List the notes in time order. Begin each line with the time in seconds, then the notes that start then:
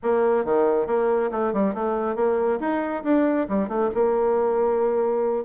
0.02 A#3
0.44 D#3
0.87 A#3
1.31 A3
1.53 G3
1.74 A3
2.15 A#3
2.59 D#4
3.03 D4
3.48 G3
3.68 A3
3.94 A#3